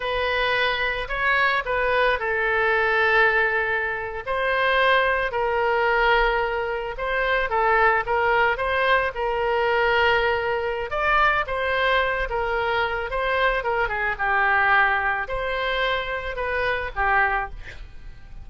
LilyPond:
\new Staff \with { instrumentName = "oboe" } { \time 4/4 \tempo 4 = 110 b'2 cis''4 b'4 | a'2.~ a'8. c''16~ | c''4.~ c''16 ais'2~ ais'16~ | ais'8. c''4 a'4 ais'4 c''16~ |
c''8. ais'2.~ ais'16 | d''4 c''4. ais'4. | c''4 ais'8 gis'8 g'2 | c''2 b'4 g'4 | }